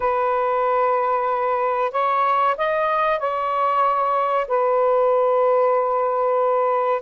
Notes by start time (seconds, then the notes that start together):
0.00 B4
1.91 C#5
2.57 D#5
3.19 C#5
4.47 B4